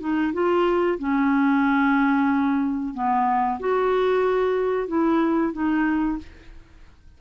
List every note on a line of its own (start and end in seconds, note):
0.00 0.33 D#4
0.33 0.98 F4
0.99 2.94 C#4
2.94 3.59 B3
3.59 4.88 F#4
4.88 5.53 E4
5.53 6.18 D#4